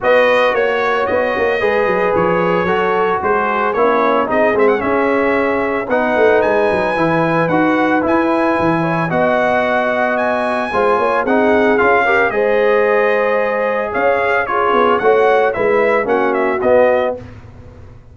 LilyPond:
<<
  \new Staff \with { instrumentName = "trumpet" } { \time 4/4 \tempo 4 = 112 dis''4 cis''4 dis''2 | cis''2 c''4 cis''4 | dis''8 e''16 fis''16 e''2 fis''4 | gis''2 fis''4 gis''4~ |
gis''4 fis''2 gis''4~ | gis''4 fis''4 f''4 dis''4~ | dis''2 f''4 cis''4 | fis''4 e''4 fis''8 e''8 dis''4 | }
  \new Staff \with { instrumentName = "horn" } { \time 4/4 b'4 cis''2 b'4~ | b'4 a'4 gis'4 cis'4 | gis'2. b'4~ | b'1~ |
b'8 cis''8 dis''2. | c''8 cis''8 gis'4. ais'8 c''4~ | c''2 cis''4 gis'4 | cis''4 b'4 fis'2 | }
  \new Staff \with { instrumentName = "trombone" } { \time 4/4 fis'2. gis'4~ | gis'4 fis'2 e'4 | dis'8 c'8 cis'2 dis'4~ | dis'4 e'4 fis'4 e'4~ |
e'4 fis'2. | f'4 dis'4 f'8 g'8 gis'4~ | gis'2. f'4 | fis'4 e'4 cis'4 b4 | }
  \new Staff \with { instrumentName = "tuba" } { \time 4/4 b4 ais4 b8 ais8 gis8 fis8 | f4 fis4 gis4 ais4 | c'8 gis8 cis'2 b8 a8 | gis8 fis8 e4 dis'4 e'4 |
e4 b2. | gis8 ais8 c'4 cis'4 gis4~ | gis2 cis'4. b8 | a4 gis4 ais4 b4 | }
>>